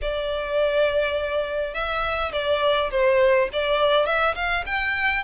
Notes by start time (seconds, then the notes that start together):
0.01 D5
1.73 E5
2.32 D5
2.90 C5
3.52 D5
4.05 E5
4.35 F5
4.65 G5